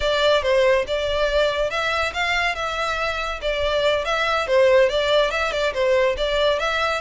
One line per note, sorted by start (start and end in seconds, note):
0.00 0.42 D5
0.42 0.85 C5
0.87 1.70 D5
1.70 2.13 E5
2.13 2.55 F5
2.55 3.40 E5
3.41 4.04 D5
4.04 4.47 E5
4.47 4.89 C5
4.89 5.30 D5
5.30 5.52 E5
5.52 5.73 D5
5.73 6.16 C5
6.17 6.59 D5
6.59 7.01 E5